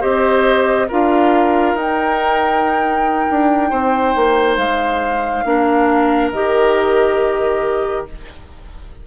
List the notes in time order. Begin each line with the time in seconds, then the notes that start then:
0.00 C4 G4 C5 D#5
0.88 D4 F4 A#4 F5
1.74 D#4 G5
3.30 D4
3.70 C4 C5
4.15 A#3
4.56 G#3 F5
5.44 A#3 D4 A#4
6.31 D#3 G4 D#5